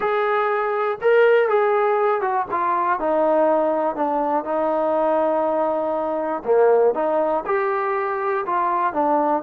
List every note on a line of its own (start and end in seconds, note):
0.00 0.98 G#4
1.01 1.49 A#4
1.49 2.21 G#4
2.21 2.45 F#4
2.51 2.99 F4
2.99 3.95 D#4
3.95 4.44 D4
4.44 6.42 D#4
6.44 6.94 A#3
6.94 7.44 D#4
7.46 8.45 G4
8.45 8.93 F4
8.93 9.42 D4